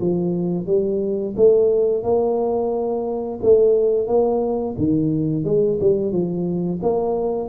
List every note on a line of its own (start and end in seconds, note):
0.00 0.66 F3
0.66 1.35 G3
1.36 2.03 A3
2.03 3.39 A#3
3.42 4.07 A3
4.07 4.75 A#3
4.77 5.44 D#3
5.44 5.78 G#3
5.80 6.11 G3
6.11 6.80 F3
6.82 7.48 A#3